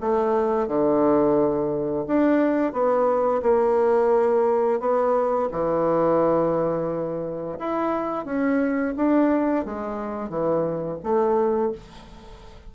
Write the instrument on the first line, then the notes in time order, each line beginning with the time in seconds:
bassoon
0.00 A3
0.67 D3
2.07 D4
2.72 B3
3.42 A#3
4.79 B3
5.51 E3
7.58 E4
8.25 C#4
8.96 D4
9.65 G#3
10.29 E3
11.03 A3